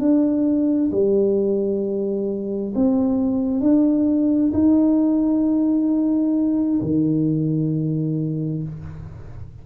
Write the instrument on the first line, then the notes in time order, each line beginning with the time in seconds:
tuba
0.00 D4
0.92 G3
2.76 C4
3.61 D4
4.54 D#4
6.82 D#3